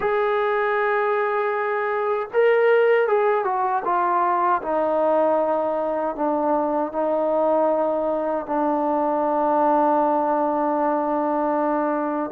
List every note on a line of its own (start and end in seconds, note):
0.00 2.28 G#4
2.33 3.07 A#4
3.07 3.44 G#4
3.44 3.83 F#4
3.84 4.61 F4
4.62 6.15 D#4
6.15 6.92 D4
6.92 8.46 D#4
8.46 12.30 D4